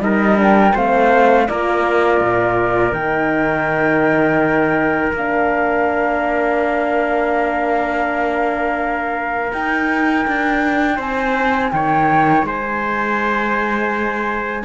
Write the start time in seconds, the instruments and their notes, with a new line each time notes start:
0.00 cello G3, horn D#4, trumpet A#4, flute D#5
0.37 horn D4, flute G5
0.74 cello A3, horn C4, trumpet C5, flute F5
1.48 cello A#3, horn F4, trumpet A#4, flute D5
2.21 cello A#2
2.92 cello D#3, horn D#4, flute G5
5.13 cello A#3, horn D4, flute F5
9.53 cello D#4, horn D#4, flute G5
10.28 cello D4
10.97 cello C4, trumpet C5, flute G#5
11.72 cello D#3, trumpet C#5, flute G5
12.44 cello G#3, trumpet C5, flute G#5